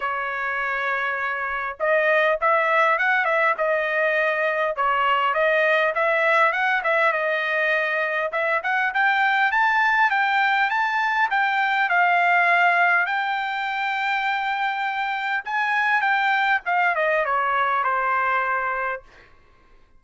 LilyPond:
\new Staff \with { instrumentName = "trumpet" } { \time 4/4 \tempo 4 = 101 cis''2. dis''4 | e''4 fis''8 e''8 dis''2 | cis''4 dis''4 e''4 fis''8 e''8 | dis''2 e''8 fis''8 g''4 |
a''4 g''4 a''4 g''4 | f''2 g''2~ | g''2 gis''4 g''4 | f''8 dis''8 cis''4 c''2 | }